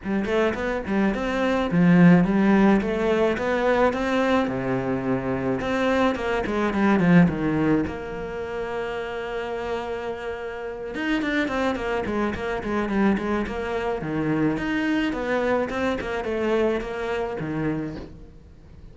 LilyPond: \new Staff \with { instrumentName = "cello" } { \time 4/4 \tempo 4 = 107 g8 a8 b8 g8 c'4 f4 | g4 a4 b4 c'4 | c2 c'4 ais8 gis8 | g8 f8 dis4 ais2~ |
ais2.~ ais8 dis'8 | d'8 c'8 ais8 gis8 ais8 gis8 g8 gis8 | ais4 dis4 dis'4 b4 | c'8 ais8 a4 ais4 dis4 | }